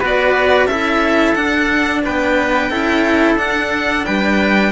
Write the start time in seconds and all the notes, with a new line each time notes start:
0.00 B3 F#4 B4 D5
0.66 C#4 E4 A4 E5
1.34 D4 F#5
2.05 B3 B4 G5
2.71 C#4 E4 A4
3.35 D4 F#5
4.05 G3 B4 G5